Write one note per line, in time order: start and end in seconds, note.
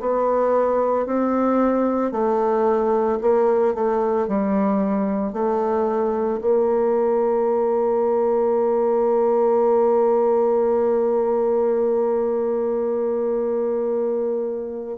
0.00 1.06 B3
1.06 2.12 C4
2.12 3.19 A3
3.21 3.75 A#3
3.75 4.28 A3
4.28 5.33 G3
5.33 6.40 A3
6.41 14.98 A#3